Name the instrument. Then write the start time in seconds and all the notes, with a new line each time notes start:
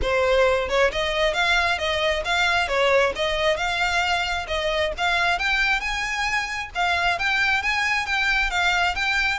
violin
0.01 C5
0.68 C#5
0.92 D#5
1.33 F5
1.78 D#5
2.24 F5
2.67 C#5
3.15 D#5
3.56 F5
4.47 D#5
4.97 F5
5.38 G5
5.80 G#5
6.74 F5
7.18 G5
7.62 G#5
8.06 G5
8.50 F5
8.95 G5